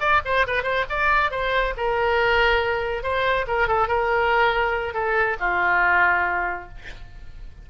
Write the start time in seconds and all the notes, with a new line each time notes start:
0.00 D5
0.25 C5
0.47 B4
0.63 C5
0.89 D5
1.31 C5
1.77 A#4
3.03 C5
3.47 A#4
3.67 A4
3.88 A#4
4.94 A4
5.40 F4